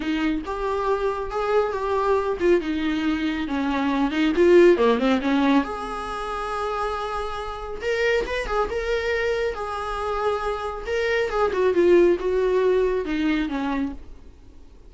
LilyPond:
\new Staff \with { instrumentName = "viola" } { \time 4/4 \tempo 4 = 138 dis'4 g'2 gis'4 | g'4. f'8 dis'2 | cis'4. dis'8 f'4 ais8 c'8 | cis'4 gis'2.~ |
gis'2 ais'4 b'8 gis'8 | ais'2 gis'2~ | gis'4 ais'4 gis'8 fis'8 f'4 | fis'2 dis'4 cis'4 | }